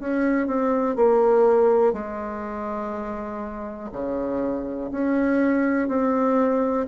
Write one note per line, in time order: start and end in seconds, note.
0.00 0.47 C#4
0.47 0.96 C4
0.96 1.94 A#3
1.94 3.90 G#3
3.93 4.91 C#3
4.92 5.89 C#4
5.89 6.87 C4